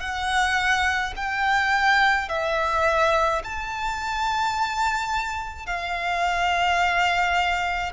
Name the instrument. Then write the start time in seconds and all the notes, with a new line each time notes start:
violin
0.00 F#5
1.16 G5
2.28 E5
3.43 A5
5.66 F5